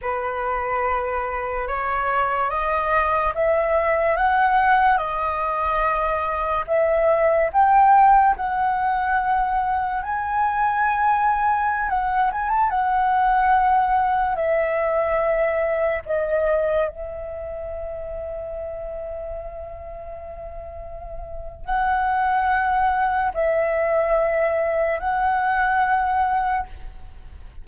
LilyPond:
\new Staff \with { instrumentName = "flute" } { \time 4/4 \tempo 4 = 72 b'2 cis''4 dis''4 | e''4 fis''4 dis''2 | e''4 g''4 fis''2 | gis''2~ gis''16 fis''8 gis''16 a''16 fis''8.~ |
fis''4~ fis''16 e''2 dis''8.~ | dis''16 e''2.~ e''8.~ | e''2 fis''2 | e''2 fis''2 | }